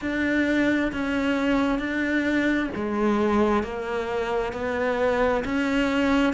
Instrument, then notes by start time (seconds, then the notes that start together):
cello
0.01 D4
0.92 C#4
1.78 D4
2.75 G#3
3.63 A#3
4.52 B3
5.45 C#4